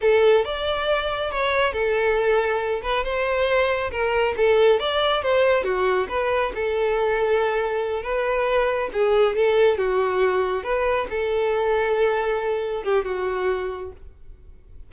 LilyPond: \new Staff \with { instrumentName = "violin" } { \time 4/4 \tempo 4 = 138 a'4 d''2 cis''4 | a'2~ a'8 b'8 c''4~ | c''4 ais'4 a'4 d''4 | c''4 fis'4 b'4 a'4~ |
a'2~ a'8 b'4.~ | b'8 gis'4 a'4 fis'4.~ | fis'8 b'4 a'2~ a'8~ | a'4. g'8 fis'2 | }